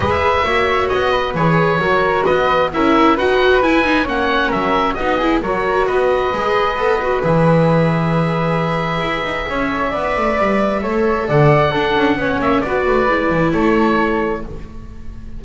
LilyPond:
<<
  \new Staff \with { instrumentName = "oboe" } { \time 4/4 \tempo 4 = 133 e''2 dis''4 cis''4~ | cis''4 dis''4 e''4 fis''4 | gis''4 fis''4 e''4 dis''4 | cis''4 dis''2. |
e''1~ | e''1~ | e''4 fis''2~ fis''8 e''8 | d''2 cis''2 | }
  \new Staff \with { instrumentName = "flute" } { \time 4/4 b'4 cis''4. b'4. | ais'4 b'4 ais'4 b'4~ | b'4 cis''4 ais'4 fis'8 gis'8 | ais'4 b'2.~ |
b'1~ | b'4 cis''4 d''2 | cis''4 d''4 a'4 cis''4 | b'2 a'2 | }
  \new Staff \with { instrumentName = "viola" } { \time 4/4 gis'4 fis'2 gis'4 | fis'2 e'4 fis'4 | e'8 dis'8 cis'2 dis'8 e'8 | fis'2 gis'4 a'8 fis'8 |
gis'1~ | gis'4. a'8 b'2 | a'2 d'4 cis'4 | fis'4 e'2. | }
  \new Staff \with { instrumentName = "double bass" } { \time 4/4 gis4 ais4 b4 e4 | fis4 b4 cis'4 dis'4 | e'4 ais4 fis4 b4 | fis4 b4 gis4 b4 |
e1 | e'8 dis'8 cis'4 b8 a8 g4 | a4 d4 d'8 cis'8 b8 ais8 | b8 a8 gis8 e8 a2 | }
>>